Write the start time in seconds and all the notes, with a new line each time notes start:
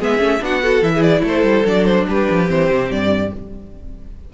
0.00 G#3 B3 G#4 E5
0.18 A3 C#4
0.41 B3 D4 F#4 F#5
0.62 F#4 A4
0.82 E3 E4 E5
0.95 G#4
1.03 D5
1.23 A3 A4 C5
1.43 G3
1.65 F#3 D4 D5
1.86 C5
2.08 G3 G4 B4
2.30 F3
2.47 E3 C4 C5
2.70 C3
2.91 G2 D5